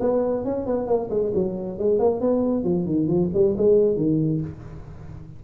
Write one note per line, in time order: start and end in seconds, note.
0.00 0.44 B3
0.44 0.66 C#4
0.66 0.87 B3
0.87 1.09 A#3
1.10 1.32 G#3
1.35 1.78 F#3
1.78 1.99 G#3
1.99 2.20 A#3
2.20 2.63 B3
2.63 2.86 F3
2.86 3.07 D#3
3.07 3.29 F3
3.34 3.56 G3
3.57 3.97 G#3
3.97 4.41 D#3